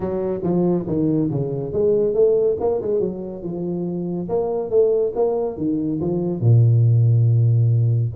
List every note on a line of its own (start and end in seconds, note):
0.00 0.40 F#3
0.43 0.86 F3
0.87 1.30 D#3
1.31 1.72 C#3
1.72 2.14 G#3
2.14 2.56 A3
2.59 2.81 A#3
2.81 3.00 G#3
3.00 3.42 F#3
3.42 4.28 F3
4.28 4.70 A#3
4.70 5.13 A3
5.15 5.57 A#3
5.57 6.00 D#3
6.00 6.40 F3
6.40 8.11 A#2